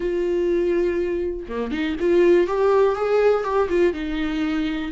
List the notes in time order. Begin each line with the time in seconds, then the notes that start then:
0.00 F4
1.48 A#3
1.71 D#4
1.99 F4
2.47 G4
2.95 G#4
3.43 G4
3.68 F4
3.93 D#4